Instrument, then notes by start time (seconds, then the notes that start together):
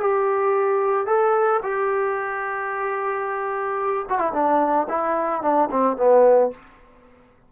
trombone
0.00 G4
1.06 A4
1.62 G4
4.09 F#4
4.19 E4
4.33 D4
4.89 E4
5.42 D4
5.71 C4
5.96 B3